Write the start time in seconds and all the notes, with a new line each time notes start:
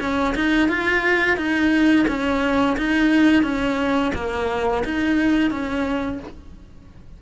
0.00 C#4
0.35 D#4
0.69 F4
1.37 D#4
2.08 C#4
2.77 D#4
3.43 C#4
4.15 A#3
4.85 D#4
5.51 C#4